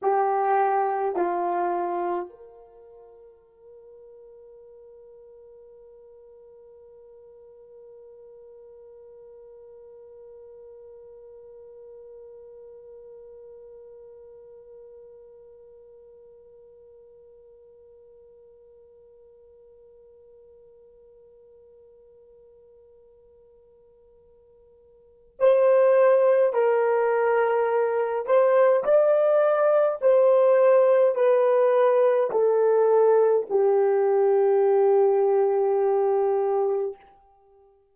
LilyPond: \new Staff \with { instrumentName = "horn" } { \time 4/4 \tempo 4 = 52 g'4 f'4 ais'2~ | ais'1~ | ais'1~ | ais'1~ |
ais'1~ | ais'2 c''4 ais'4~ | ais'8 c''8 d''4 c''4 b'4 | a'4 g'2. | }